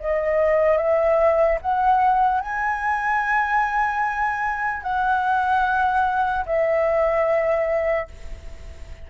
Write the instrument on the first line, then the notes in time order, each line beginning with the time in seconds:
flute
0.00 D#5
0.78 E5
1.61 F#5
2.41 G#5
4.83 F#5
6.46 E5